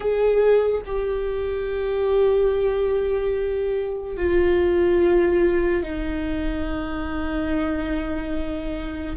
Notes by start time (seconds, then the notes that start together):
0.00 G#4
0.85 G4
4.17 F4
5.82 D#4